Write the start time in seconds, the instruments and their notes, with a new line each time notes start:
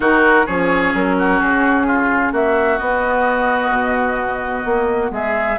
0.00 bassoon D#3, clarinet D#4, oboe F#4, flute A#4
0.45 bassoon F3, clarinet C#4, oboe G#4, flute C#5
0.94 bassoon F#3, flute A#4
1.18 oboe F#4
1.39 bassoon C#3, flute G#4
1.87 oboe F4
2.32 bassoon A#3, oboe F#4, flute E5
2.78 clarinet B3, bassoon B3, flute D#5
3.70 bassoon B2
4.65 bassoon A#3
5.10 bassoon G#3, oboe G#4, flute E5